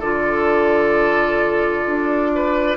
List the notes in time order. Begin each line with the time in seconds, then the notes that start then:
0.00 D3 F4 A4 D5
1.87 D4
2.35 B4